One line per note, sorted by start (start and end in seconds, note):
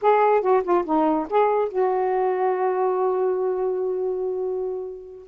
0.01 0.41 G#4
0.41 0.62 F#4
0.63 0.84 F4
0.85 1.27 D#4
1.29 1.68 G#4
1.68 5.27 F#4